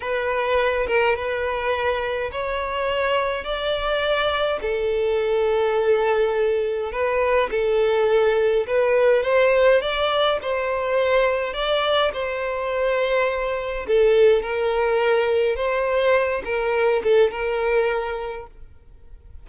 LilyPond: \new Staff \with { instrumentName = "violin" } { \time 4/4 \tempo 4 = 104 b'4. ais'8 b'2 | cis''2 d''2 | a'1 | b'4 a'2 b'4 |
c''4 d''4 c''2 | d''4 c''2. | a'4 ais'2 c''4~ | c''8 ais'4 a'8 ais'2 | }